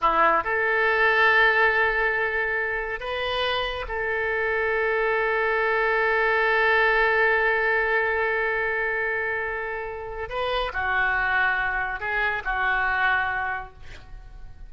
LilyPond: \new Staff \with { instrumentName = "oboe" } { \time 4/4 \tempo 4 = 140 e'4 a'2.~ | a'2. b'4~ | b'4 a'2.~ | a'1~ |
a'1~ | a'1 | b'4 fis'2. | gis'4 fis'2. | }